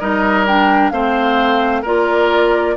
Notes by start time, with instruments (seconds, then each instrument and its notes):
0.00 bassoon G3, clarinet D#4, oboe A#4, flute D#5
0.47 clarinet D4, flute G5
0.90 bassoon A3, clarinet C4, oboe C5, flute F5
1.82 bassoon A#3, clarinet F4, oboe A#4, flute D5